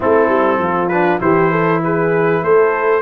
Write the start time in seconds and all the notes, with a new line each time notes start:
0.00 A3 C4 E4 A4
0.28 G3
0.58 F3 F4
0.88 D4 B4
1.20 E3 E4 G4 C5
1.51 A4
1.83 G#4 B4
2.42 A3 A4 C5